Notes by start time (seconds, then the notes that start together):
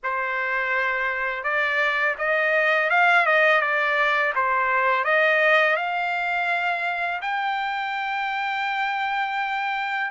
0.03 C5
1.43 D5
2.18 D#5
2.90 F5
3.26 D#5
3.61 D5
4.35 C5
5.04 D#5
5.76 F5
7.21 G5